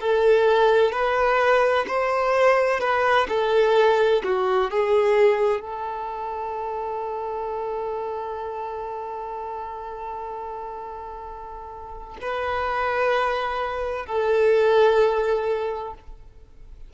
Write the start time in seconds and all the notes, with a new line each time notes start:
0.00 A4
0.92 B4
1.87 C5
2.80 B4
3.29 A4
4.24 F#4
4.70 G#4
5.61 A4
12.21 B4
14.06 A4